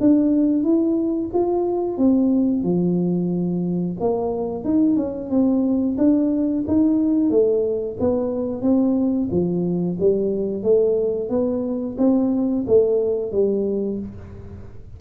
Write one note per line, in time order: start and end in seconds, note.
0.00 0.63 D4
0.63 1.30 E4
1.33 1.97 F4
1.97 2.63 C4
2.63 3.96 F3
4.00 4.64 A#3
4.64 4.96 D#4
4.96 5.29 C#4
5.30 5.96 C4
5.98 6.64 D4
6.67 7.30 D#4
7.30 7.97 A3
8.00 8.62 B3
8.62 9.28 C4
9.31 9.97 F3
10.00 10.63 G3
10.63 11.29 A3
11.29 11.96 B3
11.98 12.64 C4
12.67 13.32 A3
13.32 13.98 G3